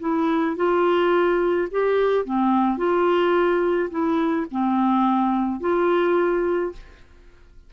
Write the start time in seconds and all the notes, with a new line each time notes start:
0.00 E4
0.56 F4
1.71 G4
2.25 C4
2.78 F4
3.90 E4
4.51 C4
5.60 F4